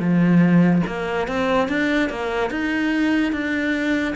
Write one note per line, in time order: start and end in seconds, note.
0.00 0.82 F3
0.87 1.28 A#3
1.28 1.69 C4
1.69 2.10 D4
2.10 2.51 A#3
2.51 3.33 D#4
3.33 4.15 D4